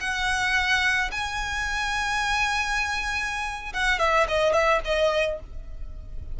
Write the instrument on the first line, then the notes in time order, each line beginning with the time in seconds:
violin
0.00 F#5
1.11 G#5
3.73 F#5
3.99 E5
4.28 D#5
4.52 E5
4.84 D#5